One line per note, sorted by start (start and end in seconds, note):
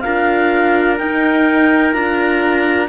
0.00 1.00 D4
0.00 0.99 F4
0.00 2.89 A#4
0.00 0.95 F5
0.98 1.94 D#4
0.98 1.93 D#4
0.98 1.93 G5
1.93 2.89 D4
1.93 2.88 F4
1.93 2.88 A#5